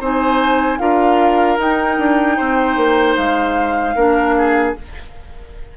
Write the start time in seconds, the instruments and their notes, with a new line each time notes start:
0.00 bassoon C4, clarinet D#4, oboe C5, flute G#5
0.79 bassoon D4, clarinet F4, oboe A#4, flute F5
1.58 bassoon D#4, clarinet D#4, flute G5
1.98 bassoon D4
2.37 bassoon C4, oboe C5
2.76 bassoon A#3
3.16 bassoon G#3, flute F5
3.95 bassoon A#3, clarinet D4, oboe A#4
4.37 oboe G#4